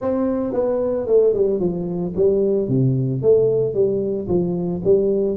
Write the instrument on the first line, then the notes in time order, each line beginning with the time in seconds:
tuba
0.01 C4
0.53 B3
1.06 A3
1.33 G3
1.59 F3
2.16 G3
2.68 C3
3.21 A3
3.74 G3
4.28 F3
4.84 G3